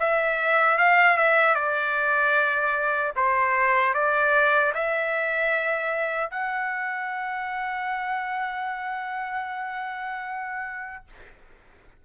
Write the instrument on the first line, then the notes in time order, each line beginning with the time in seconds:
trumpet
0.00 E5
0.78 F5
1.17 E5
1.55 D5
3.16 C5
3.94 D5
4.75 E5
6.31 F#5